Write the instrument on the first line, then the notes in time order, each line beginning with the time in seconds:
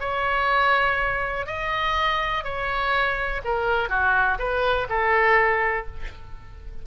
oboe
0.00 C#5
1.47 D#5
2.44 C#5
3.45 A#4
3.89 F#4
4.39 B4
4.89 A4